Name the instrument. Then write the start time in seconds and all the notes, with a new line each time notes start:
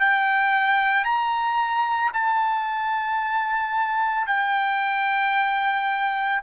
trumpet
0.00 G5
1.05 A#5
2.13 A5
4.27 G5